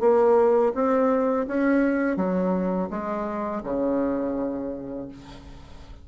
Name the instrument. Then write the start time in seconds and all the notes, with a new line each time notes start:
bassoon
0.00 A#3
0.74 C4
1.47 C#4
2.16 F#3
2.90 G#3
3.63 C#3